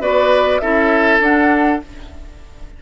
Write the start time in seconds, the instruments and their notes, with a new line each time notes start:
0.00 bassoon B3, clarinet F#4, oboe B4, flute D5
0.59 bassoon C#4, clarinet E4, oboe A4, flute E5
1.20 bassoon D4, clarinet D4, flute F#5